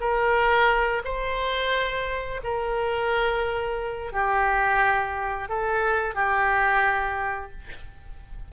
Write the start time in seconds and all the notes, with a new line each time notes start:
0.00 A#4
1.04 C5
2.43 A#4
4.12 G4
5.49 A4
6.15 G4